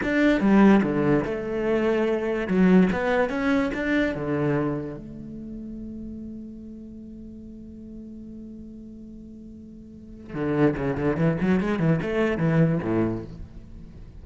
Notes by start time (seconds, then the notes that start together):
0.02 D4
0.40 G3
0.83 D3
1.25 A3
2.47 F#3
2.92 B3
3.29 C#4
3.74 D4
4.14 D3
4.97 A3
10.34 D3
10.76 C#3
10.97 D3
11.16 E3
11.40 F#3
11.60 G#3
11.79 E3
12.02 A3
12.37 E3
12.82 A2